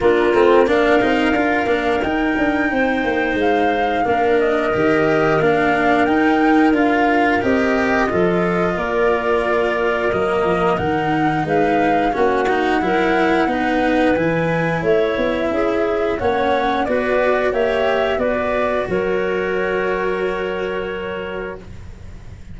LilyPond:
<<
  \new Staff \with { instrumentName = "flute" } { \time 4/4 \tempo 4 = 89 ais'4 f''2 g''4~ | g''4 f''4. dis''4. | f''4 g''4 f''4 dis''4~ | dis''4 d''2 dis''4 |
fis''4 f''4 fis''2~ | fis''4 gis''4 e''2 | fis''4 d''4 e''4 d''4 | cis''1 | }
  \new Staff \with { instrumentName = "clarinet" } { \time 4/4 f'4 ais'2. | c''2 ais'2~ | ais'1 | a'4 ais'2.~ |
ais'4 b'4 fis'4 ais'4 | b'2 cis''4 gis'4 | cis''4 b'4 cis''4 b'4 | ais'1 | }
  \new Staff \with { instrumentName = "cello" } { \time 4/4 d'8 c'8 d'8 dis'8 f'8 d'8 dis'4~ | dis'2 d'4 g'4 | d'4 dis'4 f'4 g'4 | f'2. ais4 |
dis'2 cis'8 dis'8 e'4 | dis'4 e'2. | cis'4 fis'4 g'4 fis'4~ | fis'1 | }
  \new Staff \with { instrumentName = "tuba" } { \time 4/4 ais8 a8 ais8 c'8 d'8 ais8 dis'8 d'8 | c'8 ais8 gis4 ais4 dis4 | ais4 dis'4 d'4 c'4 | f4 ais2 fis8 f8 |
dis4 gis4 ais4 fis4 | b4 e4 a8 b8 cis'4 | ais4 b4 ais4 b4 | fis1 | }
>>